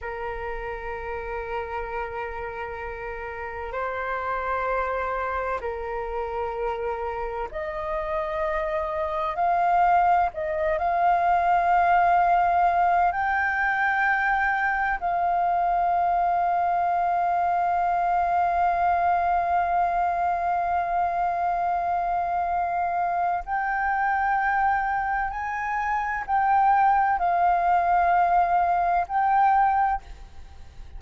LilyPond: \new Staff \with { instrumentName = "flute" } { \time 4/4 \tempo 4 = 64 ais'1 | c''2 ais'2 | dis''2 f''4 dis''8 f''8~ | f''2 g''2 |
f''1~ | f''1~ | f''4 g''2 gis''4 | g''4 f''2 g''4 | }